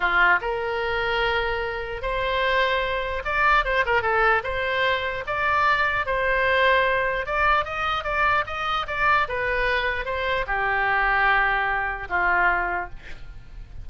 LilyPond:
\new Staff \with { instrumentName = "oboe" } { \time 4/4 \tempo 4 = 149 f'4 ais'2.~ | ais'4 c''2. | d''4 c''8 ais'8 a'4 c''4~ | c''4 d''2 c''4~ |
c''2 d''4 dis''4 | d''4 dis''4 d''4 b'4~ | b'4 c''4 g'2~ | g'2 f'2 | }